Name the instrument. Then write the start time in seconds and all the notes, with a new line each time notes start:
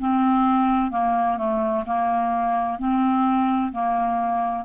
clarinet
0.00 C4
0.91 A#3
1.38 A3
1.86 A#3
2.79 C4
3.72 A#3